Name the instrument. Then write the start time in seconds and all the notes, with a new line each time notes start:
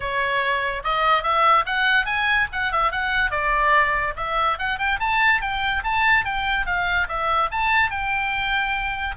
oboe
0.00 C#5
0.84 D#5
1.23 E5
1.66 F#5
2.05 G#5
2.52 F#5
2.72 E5
2.91 F#5
3.30 D5
4.16 E5
4.59 F#5
4.78 G5
4.99 A5
5.41 G5
5.83 A5
6.24 G5
6.66 F5
7.08 E5
7.51 A5
7.90 G5